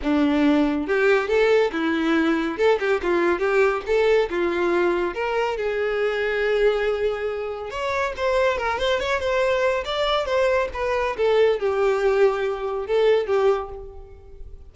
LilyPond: \new Staff \with { instrumentName = "violin" } { \time 4/4 \tempo 4 = 140 d'2 g'4 a'4 | e'2 a'8 g'8 f'4 | g'4 a'4 f'2 | ais'4 gis'2.~ |
gis'2 cis''4 c''4 | ais'8 c''8 cis''8 c''4. d''4 | c''4 b'4 a'4 g'4~ | g'2 a'4 g'4 | }